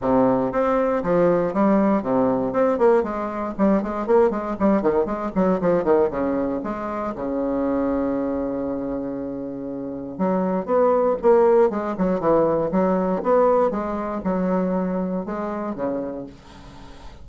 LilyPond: \new Staff \with { instrumentName = "bassoon" } { \time 4/4 \tempo 4 = 118 c4 c'4 f4 g4 | c4 c'8 ais8 gis4 g8 gis8 | ais8 gis8 g8 dis8 gis8 fis8 f8 dis8 | cis4 gis4 cis2~ |
cis1 | fis4 b4 ais4 gis8 fis8 | e4 fis4 b4 gis4 | fis2 gis4 cis4 | }